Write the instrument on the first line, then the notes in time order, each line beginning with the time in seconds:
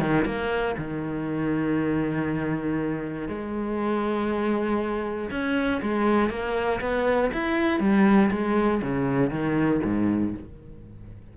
cello
0.00 D#3
0.26 A#3
0.78 D#3
3.28 G#3
5.31 C#4
5.82 G#3
6.30 A#3
6.81 B3
7.33 E4
7.80 G3
8.31 G#3
8.82 C#3
9.30 D#3
9.84 G#2